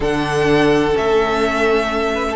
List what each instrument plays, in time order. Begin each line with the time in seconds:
0.00 cello D3, viola D4, violin A4 F#5
0.93 cello A3, viola C#4, violin E5
2.14 violin B4
2.30 violin A4